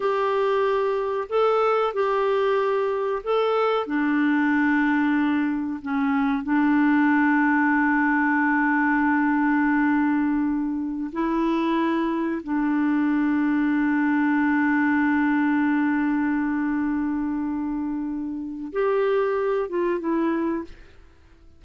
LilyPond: \new Staff \with { instrumentName = "clarinet" } { \time 4/4 \tempo 4 = 93 g'2 a'4 g'4~ | g'4 a'4 d'2~ | d'4 cis'4 d'2~ | d'1~ |
d'4~ d'16 e'2 d'8.~ | d'1~ | d'1~ | d'4 g'4. f'8 e'4 | }